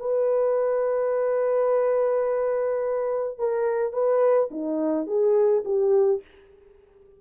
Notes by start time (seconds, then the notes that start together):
0.00 B4
3.39 A#4
3.93 B4
4.51 D#4
5.07 G#4
5.65 G4